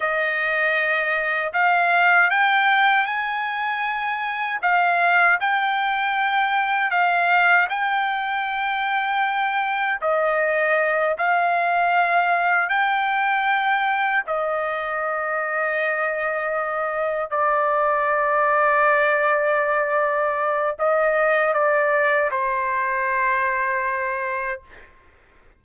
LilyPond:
\new Staff \with { instrumentName = "trumpet" } { \time 4/4 \tempo 4 = 78 dis''2 f''4 g''4 | gis''2 f''4 g''4~ | g''4 f''4 g''2~ | g''4 dis''4. f''4.~ |
f''8 g''2 dis''4.~ | dis''2~ dis''8 d''4.~ | d''2. dis''4 | d''4 c''2. | }